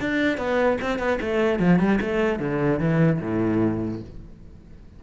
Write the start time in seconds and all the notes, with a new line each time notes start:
0.00 D4
0.38 B3
0.81 C4
0.99 B3
1.21 A3
1.59 F3
1.79 G3
2.01 A3
2.39 D3
2.79 E3
3.20 A2